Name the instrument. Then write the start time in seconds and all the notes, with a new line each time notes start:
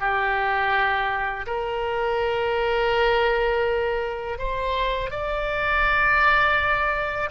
oboe
0.00 G4
1.47 A#4
4.39 C5
5.11 D5